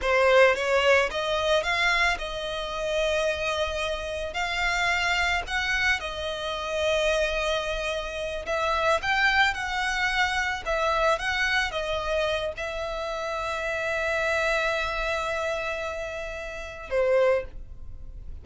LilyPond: \new Staff \with { instrumentName = "violin" } { \time 4/4 \tempo 4 = 110 c''4 cis''4 dis''4 f''4 | dis''1 | f''2 fis''4 dis''4~ | dis''2.~ dis''8 e''8~ |
e''8 g''4 fis''2 e''8~ | e''8 fis''4 dis''4. e''4~ | e''1~ | e''2. c''4 | }